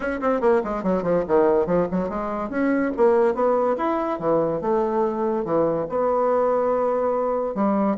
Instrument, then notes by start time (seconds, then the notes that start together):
bassoon
0.00 C#4
0.20 C4
0.40 A#3
0.64 G#3
0.83 F#3
1.02 F3
1.27 D#3
1.66 F3
1.91 F#3
2.09 G#3
2.49 C#4
2.97 A#3
3.34 B3
3.77 E4
4.19 E3
4.61 A3
5.44 E3
5.89 B3
7.54 G3